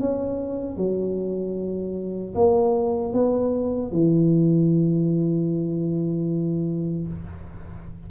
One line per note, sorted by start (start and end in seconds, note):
0.00 0.76 C#4
0.76 2.34 F#3
2.35 3.13 A#3
3.13 3.92 B3
3.92 7.07 E3